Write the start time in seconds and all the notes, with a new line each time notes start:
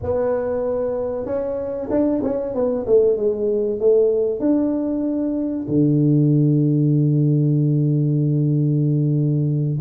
0.02 B3
1.25 C#4
1.90 D4
2.23 C#4
2.54 B3
2.86 A3
3.16 G#3
3.79 A3
4.39 D4
5.68 D3